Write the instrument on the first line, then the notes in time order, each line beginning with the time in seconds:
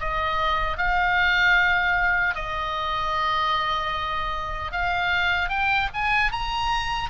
oboe
0.00 D#5
0.78 F5
2.35 D#5
4.72 F5
5.49 G5
5.94 G#5
6.32 A#5